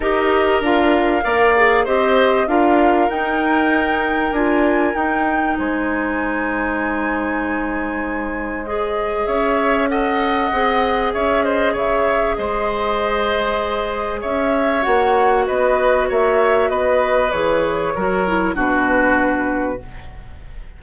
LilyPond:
<<
  \new Staff \with { instrumentName = "flute" } { \time 4/4 \tempo 4 = 97 dis''4 f''2 dis''4 | f''4 g''2 gis''4 | g''4 gis''2.~ | gis''2 dis''4 e''4 |
fis''2 e''8 dis''8 e''4 | dis''2. e''4 | fis''4 dis''4 e''4 dis''4 | cis''2 b'2 | }
  \new Staff \with { instrumentName = "oboe" } { \time 4/4 ais'2 d''4 c''4 | ais'1~ | ais'4 c''2.~ | c''2. cis''4 |
dis''2 cis''8 c''8 cis''4 | c''2. cis''4~ | cis''4 b'4 cis''4 b'4~ | b'4 ais'4 fis'2 | }
  \new Staff \with { instrumentName = "clarinet" } { \time 4/4 g'4 f'4 ais'8 gis'8 g'4 | f'4 dis'2 f'4 | dis'1~ | dis'2 gis'2 |
a'4 gis'2.~ | gis'1 | fis'1 | gis'4 fis'8 e'8 d'2 | }
  \new Staff \with { instrumentName = "bassoon" } { \time 4/4 dis'4 d'4 ais4 c'4 | d'4 dis'2 d'4 | dis'4 gis2.~ | gis2. cis'4~ |
cis'4 c'4 cis'4 cis4 | gis2. cis'4 | ais4 b4 ais4 b4 | e4 fis4 b,2 | }
>>